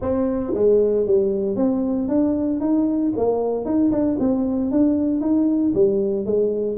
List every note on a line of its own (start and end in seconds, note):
0.01 0.53 C4
0.54 1.06 G#3
1.06 1.56 G3
1.56 2.08 C4
2.08 2.60 D4
2.60 3.12 D#4
3.16 3.65 A#3
3.65 3.91 D#4
3.91 4.17 D4
4.19 4.71 C4
4.71 5.21 D4
5.21 5.73 D#4
5.74 6.25 G3
6.25 6.77 G#3